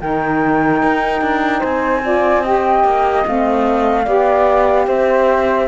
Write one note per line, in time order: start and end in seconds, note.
0.00 0.82 D#3
0.00 2.03 D#4
0.00 1.59 A#4
0.00 1.62 G5
0.82 1.21 D#4
1.21 1.61 D4
1.59 2.84 C4
1.59 1.99 C5
1.59 2.43 G#5
2.03 2.43 F4
2.03 2.41 D5
2.41 3.24 G4
2.41 4.03 D#5
2.41 3.25 G5
2.84 3.24 A#3
3.26 4.06 A3
3.26 4.05 C4
3.26 4.88 F5
4.04 4.87 B3
4.04 5.67 G4
4.04 4.85 D5
4.87 5.67 C4
4.87 5.67 C5
4.87 5.67 E5